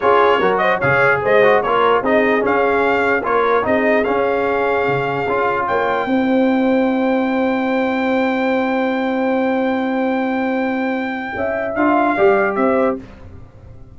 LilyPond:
<<
  \new Staff \with { instrumentName = "trumpet" } { \time 4/4 \tempo 4 = 148 cis''4. dis''8 f''4 dis''4 | cis''4 dis''4 f''2 | cis''4 dis''4 f''2~ | f''2 g''2~ |
g''1~ | g''1~ | g''1~ | g''4 f''2 e''4 | }
  \new Staff \with { instrumentName = "horn" } { \time 4/4 gis'4 ais'8 c''8 cis''4 c''4 | ais'4 gis'2. | ais'4 gis'2.~ | gis'2 cis''4 c''4~ |
c''1~ | c''1~ | c''1 | e''2 d''4 c''4 | }
  \new Staff \with { instrumentName = "trombone" } { \time 4/4 f'4 fis'4 gis'4. fis'8 | f'4 dis'4 cis'2 | f'4 dis'4 cis'2~ | cis'4 f'2 e'4~ |
e'1~ | e'1~ | e'1~ | e'4 f'4 g'2 | }
  \new Staff \with { instrumentName = "tuba" } { \time 4/4 cis'4 fis4 cis4 gis4 | ais4 c'4 cis'2 | ais4 c'4 cis'2 | cis4 cis'4 ais4 c'4~ |
c'1~ | c'1~ | c'1 | cis'4 d'4 g4 c'4 | }
>>